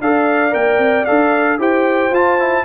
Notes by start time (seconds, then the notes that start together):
0.00 D4 A4 D5 F5
0.51 A#3 A#4 G5
0.78 C4
1.05 D4 A4 F5
1.59 E4 G4 C5 G5
2.10 F4 A5
2.39 E4